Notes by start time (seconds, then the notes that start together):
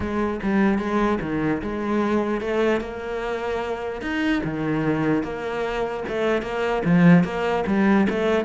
0.00 G#3
0.42 G3
0.78 G#3
1.21 D#3
1.62 G#3
2.40 A3
2.81 A#3
4.01 D#4
4.44 D#3
5.23 A#3
6.08 A3
6.42 A#3
6.85 F3
7.24 A#3
7.66 G3
8.09 A3